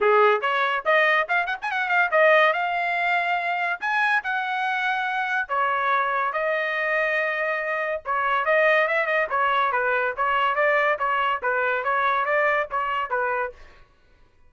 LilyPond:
\new Staff \with { instrumentName = "trumpet" } { \time 4/4 \tempo 4 = 142 gis'4 cis''4 dis''4 f''8 fis''16 gis''16 | fis''8 f''8 dis''4 f''2~ | f''4 gis''4 fis''2~ | fis''4 cis''2 dis''4~ |
dis''2. cis''4 | dis''4 e''8 dis''8 cis''4 b'4 | cis''4 d''4 cis''4 b'4 | cis''4 d''4 cis''4 b'4 | }